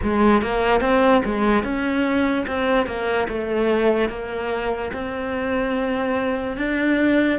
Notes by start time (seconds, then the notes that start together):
0.03 G#3
0.41 A#3
0.80 C4
1.24 G#3
1.63 C#4
2.47 C4
2.86 A#3
3.28 A3
4.09 A#3
4.92 C4
6.57 D4